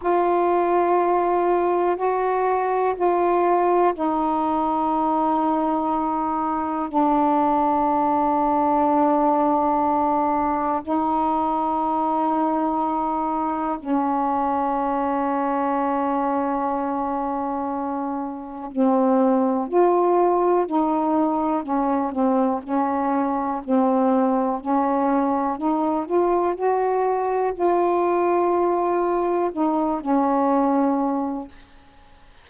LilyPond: \new Staff \with { instrumentName = "saxophone" } { \time 4/4 \tempo 4 = 61 f'2 fis'4 f'4 | dis'2. d'4~ | d'2. dis'4~ | dis'2 cis'2~ |
cis'2. c'4 | f'4 dis'4 cis'8 c'8 cis'4 | c'4 cis'4 dis'8 f'8 fis'4 | f'2 dis'8 cis'4. | }